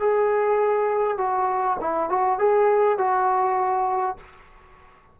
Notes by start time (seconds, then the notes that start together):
0.00 G#4
1.18 F#4
1.81 E4
2.10 F#4
2.39 G#4
2.98 F#4